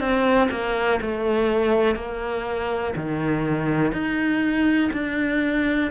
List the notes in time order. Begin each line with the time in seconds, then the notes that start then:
0.00 C4
0.51 A#3
1.01 A3
1.95 A#3
2.96 D#3
3.92 D#4
4.93 D4